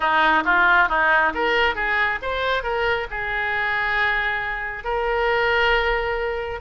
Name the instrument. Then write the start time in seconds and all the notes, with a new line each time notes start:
oboe
0.00 D#4
0.45 F4
0.88 D#4
1.34 A#4
1.75 G#4
2.22 C5
2.63 A#4
3.10 G#4
4.83 A#4